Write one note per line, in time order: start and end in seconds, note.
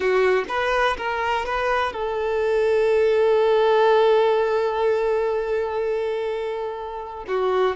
0.00 0.44 F#4
0.48 0.96 B4
0.97 1.45 A#4
1.45 1.92 B4
1.92 7.24 A4
7.27 7.76 F#4